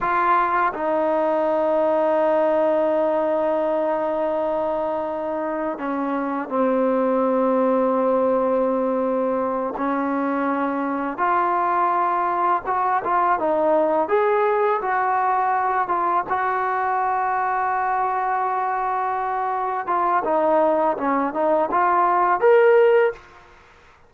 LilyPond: \new Staff \with { instrumentName = "trombone" } { \time 4/4 \tempo 4 = 83 f'4 dis'2.~ | dis'1 | cis'4 c'2.~ | c'4. cis'2 f'8~ |
f'4. fis'8 f'8 dis'4 gis'8~ | gis'8 fis'4. f'8 fis'4.~ | fis'2.~ fis'8 f'8 | dis'4 cis'8 dis'8 f'4 ais'4 | }